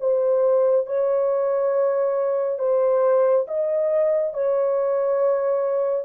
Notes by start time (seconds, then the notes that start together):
0.00 C5
0.87 C#5
2.59 C5
3.48 D#5
4.34 C#5